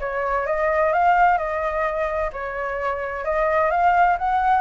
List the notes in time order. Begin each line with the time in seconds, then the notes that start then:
0.00 C#5
0.47 D#5
0.93 F5
1.38 D#5
2.33 C#5
3.25 D#5
3.71 F5
4.19 F#5